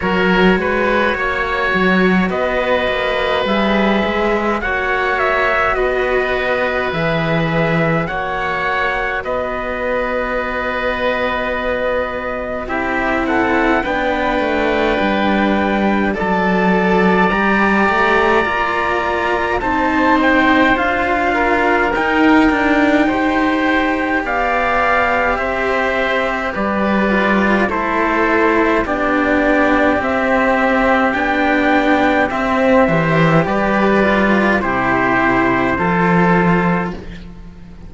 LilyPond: <<
  \new Staff \with { instrumentName = "trumpet" } { \time 4/4 \tempo 4 = 52 cis''2 dis''4 e''4 | fis''8 e''8 dis''4 e''4 fis''4 | dis''2. e''8 fis''8 | g''2 a''4 ais''4~ |
ais''4 a''8 g''8 f''4 g''4~ | g''4 f''4 e''4 d''4 | c''4 d''4 e''4 g''4 | e''4 d''4 c''2 | }
  \new Staff \with { instrumentName = "oboe" } { \time 4/4 ais'8 b'8 cis''4 b'2 | cis''4 b'2 cis''4 | b'2. g'8 a'8 | b'2 d''2~ |
d''4 c''4. ais'4. | c''4 d''4 c''4 b'4 | a'4 g'2.~ | g'8 c''8 b'4 g'4 a'4 | }
  \new Staff \with { instrumentName = "cello" } { \time 4/4 fis'2. gis'4 | fis'2 gis'4 fis'4~ | fis'2. e'4 | d'2 a'4 g'4 |
f'4 dis'4 f'4 dis'8 d'8 | g'2.~ g'8 f'8 | e'4 d'4 c'4 d'4 | c'8 g'4 f'8 e'4 f'4 | }
  \new Staff \with { instrumentName = "cello" } { \time 4/4 fis8 gis8 ais8 fis8 b8 ais8 g8 gis8 | ais4 b4 e4 ais4 | b2. c'4 | b8 a8 g4 fis4 g8 a8 |
ais4 c'4 d'4 dis'4~ | dis'4 b4 c'4 g4 | a4 b4 c'4 b4 | c'8 e8 g4 c4 f4 | }
>>